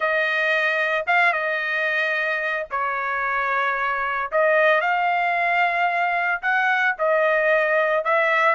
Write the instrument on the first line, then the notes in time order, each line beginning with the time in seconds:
trumpet
0.00 D#5
1.07 F5
1.32 D#5
2.70 C#5
4.31 D#5
4.81 F5
6.42 F#5
6.98 D#5
8.04 E5